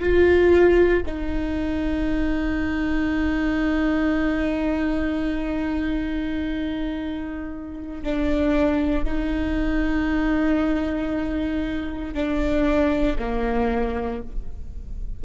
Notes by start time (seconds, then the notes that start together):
0.00 F4
1.06 D#4
8.04 D4
9.04 D#4
12.14 D4
13.18 A#3